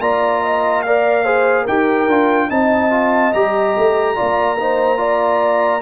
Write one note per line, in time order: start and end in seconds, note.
0.00 1.67 A#3
0.00 0.85 F4
0.00 0.43 D5
0.00 0.82 A#5
0.43 0.84 D#5
0.82 1.26 A#4
0.82 1.25 D5
0.82 1.66 F5
1.25 1.67 G#4
1.25 1.63 C5
1.63 2.08 D#4
1.63 2.10 G4
1.63 2.47 A#4
1.63 2.51 G5
2.08 2.50 D4
2.08 2.49 F4
2.49 3.34 C4
2.49 2.91 D#4
2.49 4.17 D#5
2.49 3.34 A5
2.91 3.32 F4
3.34 3.76 G3
3.34 4.16 G4
3.34 5.82 A#5
3.77 4.19 A3
4.16 5.82 A#3
4.16 4.57 F4
4.16 4.58 D5
4.60 4.97 D#4
4.60 4.99 C5
4.97 5.81 F4
4.97 5.82 D5